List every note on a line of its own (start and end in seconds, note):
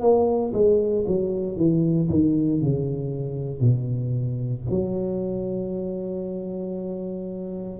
0.00 0.52 A#3
0.53 1.05 G#3
1.07 1.57 F#3
1.57 2.08 E3
2.09 2.61 D#3
2.61 3.61 C#3
3.61 4.64 B2
4.69 7.79 F#3